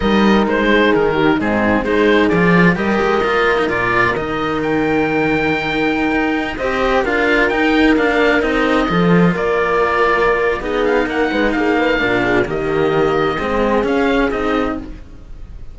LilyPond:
<<
  \new Staff \with { instrumentName = "oboe" } { \time 4/4 \tempo 4 = 130 dis''4 c''4 ais'4 gis'4 | c''4 d''4 dis''2 | d''4 dis''4 g''2~ | g''2~ g''16 dis''4 f''8.~ |
f''16 g''4 f''4 dis''4.~ dis''16~ | dis''16 d''2~ d''8. dis''8 f''8 | fis''4 f''2 dis''4~ | dis''2 f''4 dis''4 | }
  \new Staff \with { instrumentName = "horn" } { \time 4/4 ais'4. gis'4 g'8 dis'4 | gis'2 ais'2~ | ais'1~ | ais'2~ ais'16 c''4 ais'8.~ |
ais'2.~ ais'16 a'8.~ | a'16 ais'2~ ais'8. gis'4 | ais'8 b'8 gis'8 b'8 ais'8 gis'8 g'4~ | g'4 gis'2. | }
  \new Staff \with { instrumentName = "cello" } { \time 4/4 dis'2. c'4 | dis'4 f'4 g'4 f'8. dis'16 | f'4 dis'2.~ | dis'2~ dis'16 g'4 f'8.~ |
f'16 dis'4 d'4 dis'4 f'8.~ | f'2. dis'4~ | dis'2 d'4 ais4~ | ais4 c'4 cis'4 dis'4 | }
  \new Staff \with { instrumentName = "cello" } { \time 4/4 g4 gis4 dis4 gis,4 | gis4 f4 g8 gis8 ais4 | ais,4 dis2.~ | dis4~ dis16 dis'4 c'4 d'8.~ |
d'16 dis'4 ais4 c'4 f8.~ | f16 ais2~ ais8. b4 | ais8 gis8 ais4 ais,4 dis4~ | dis4 gis4 cis'4 c'4 | }
>>